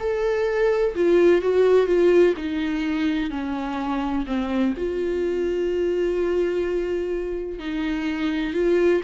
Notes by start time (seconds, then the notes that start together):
0.00 A4
0.96 F4
1.42 F#4
1.87 F4
2.37 D#4
3.31 C#4
4.27 C4
4.77 F4
7.59 D#4
8.54 F4